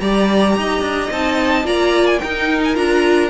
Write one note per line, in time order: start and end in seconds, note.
0.00 0.56 G3
0.00 1.11 G4
0.00 0.57 D5
0.00 1.10 A#5
0.57 0.81 D#4
0.57 1.66 D#5
0.81 1.09 D4
1.11 1.64 C4
1.11 1.65 D#4
1.11 1.67 A5
1.64 2.19 A#3
1.64 2.20 F4
1.64 2.21 D5
1.64 2.07 A#5
2.07 2.19 G#5
2.19 2.75 D#4
2.19 2.77 D#4
2.19 3.31 A#4
2.19 2.61 G5
2.64 2.76 G#5
2.75 3.31 D4
2.75 3.30 F4
2.75 3.31 A#5